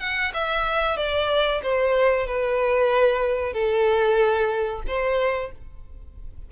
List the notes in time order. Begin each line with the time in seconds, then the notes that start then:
0.00 F#5
0.34 E5
0.97 D5
1.63 C5
2.27 B4
3.53 A4
4.87 C5